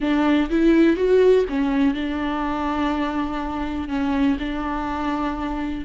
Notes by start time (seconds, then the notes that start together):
0.00 D4
0.50 E4
0.96 F#4
1.49 C#4
1.94 D4
3.88 C#4
4.39 D4